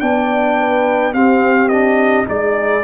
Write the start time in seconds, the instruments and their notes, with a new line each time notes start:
0.00 tuba B3, trombone D4, horn D5, trumpet G5
0.59 horn B4
1.13 trombone C4, tuba C4, horn G4, trumpet F5
1.69 trombone D4, trumpet D#5
2.25 tuba G#3, trombone D#4, horn G#4, trumpet D5